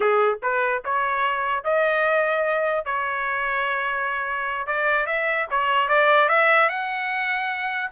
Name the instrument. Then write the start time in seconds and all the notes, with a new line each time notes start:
trumpet
0.00 G#4
0.42 B4
0.84 C#5
1.63 D#5
2.85 C#5
4.67 D5
5.06 E5
5.50 C#5
5.88 D5
6.28 E5
6.69 F#5